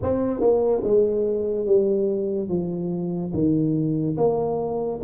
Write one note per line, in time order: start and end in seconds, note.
0.02 0.40 C4
0.40 0.82 A#3
0.83 1.66 G#3
1.66 2.48 G3
2.48 3.32 F3
3.33 4.17 D#3
4.17 5.00 A#3